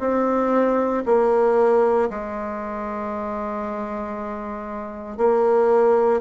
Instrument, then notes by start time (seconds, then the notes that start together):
bassoon
0.00 C4
1.06 A#3
2.10 G#3
5.18 A#3